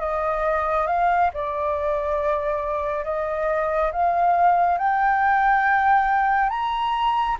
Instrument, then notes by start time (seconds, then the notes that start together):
flute
0.00 D#5
0.87 F5
1.34 D5
3.04 D#5
3.92 F5
4.78 G5
6.50 A#5